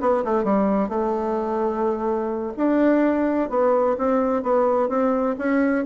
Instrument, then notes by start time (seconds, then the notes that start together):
bassoon
0.00 B3
0.24 A3
0.43 G3
0.88 A3
2.57 D4
3.49 B3
3.98 C4
4.42 B3
4.88 C4
5.38 C#4